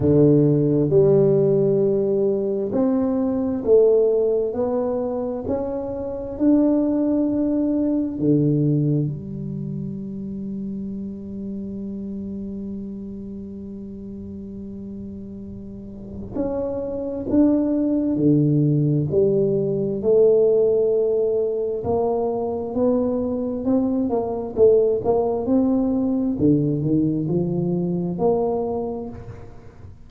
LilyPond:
\new Staff \with { instrumentName = "tuba" } { \time 4/4 \tempo 4 = 66 d4 g2 c'4 | a4 b4 cis'4 d'4~ | d'4 d4 g2~ | g1~ |
g2 cis'4 d'4 | d4 g4 a2 | ais4 b4 c'8 ais8 a8 ais8 | c'4 d8 dis8 f4 ais4 | }